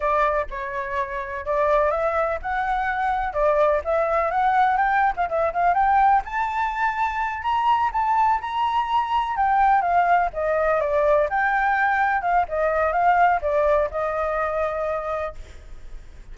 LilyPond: \new Staff \with { instrumentName = "flute" } { \time 4/4 \tempo 4 = 125 d''4 cis''2 d''4 | e''4 fis''2 d''4 | e''4 fis''4 g''8. f''16 e''8 f''8 | g''4 a''2~ a''8 ais''8~ |
ais''8 a''4 ais''2 g''8~ | g''8 f''4 dis''4 d''4 g''8~ | g''4. f''8 dis''4 f''4 | d''4 dis''2. | }